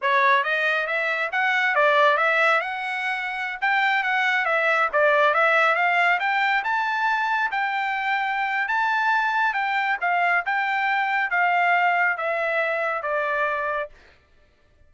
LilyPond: \new Staff \with { instrumentName = "trumpet" } { \time 4/4 \tempo 4 = 138 cis''4 dis''4 e''4 fis''4 | d''4 e''4 fis''2~ | fis''16 g''4 fis''4 e''4 d''8.~ | d''16 e''4 f''4 g''4 a''8.~ |
a''4~ a''16 g''2~ g''8. | a''2 g''4 f''4 | g''2 f''2 | e''2 d''2 | }